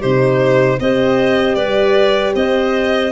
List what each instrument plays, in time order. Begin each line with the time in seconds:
0.00 tuba C3, horn D#4, clarinet G4, violin C5
0.79 tuba C4, horn G4, clarinet C5, violin D#5
1.55 tuba G3, clarinet B4, violin D5
2.34 tuba C4, clarinet C5, violin D#5